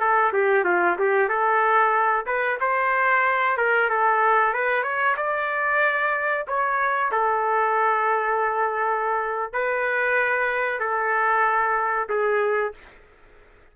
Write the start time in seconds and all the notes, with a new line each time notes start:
0.00 A4
0.33 G4
0.65 F4
0.99 G4
1.29 A4
2.26 B4
2.60 C5
3.57 A#4
3.90 A4
4.54 B4
4.83 C#5
5.17 D5
6.48 C#5
7.12 A4
9.53 B4
10.80 A4
12.09 G#4